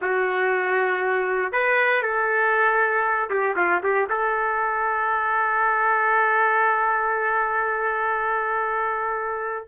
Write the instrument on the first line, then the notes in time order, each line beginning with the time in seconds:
trumpet
0.01 F#4
1.52 B4
2.02 A4
3.30 G4
3.56 F4
3.83 G4
4.09 A4